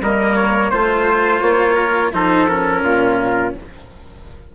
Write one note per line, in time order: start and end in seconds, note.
0.00 0.71 G3
0.00 0.72 A#3
0.00 0.71 A#4
0.00 0.35 D#5
0.35 0.70 C#5
0.70 1.41 A3
0.70 2.13 F4
0.70 1.40 C5
0.70 1.75 C5
1.41 2.12 A#3
1.41 2.11 C#5
1.75 2.11 A#4
2.13 2.83 F3
2.13 2.48 D#4
2.13 2.84 A4
2.13 2.49 C5
2.49 3.55 C#4
2.49 3.54 A#4
2.83 3.54 A#2
2.83 3.54 F4